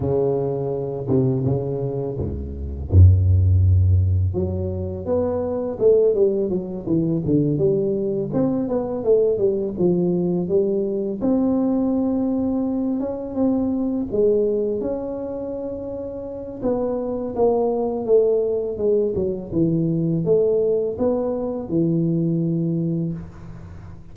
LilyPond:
\new Staff \with { instrumentName = "tuba" } { \time 4/4 \tempo 4 = 83 cis4. c8 cis4 cis,4 | fis,2 fis4 b4 | a8 g8 fis8 e8 d8 g4 c'8 | b8 a8 g8 f4 g4 c'8~ |
c'2 cis'8 c'4 gis8~ | gis8 cis'2~ cis'8 b4 | ais4 a4 gis8 fis8 e4 | a4 b4 e2 | }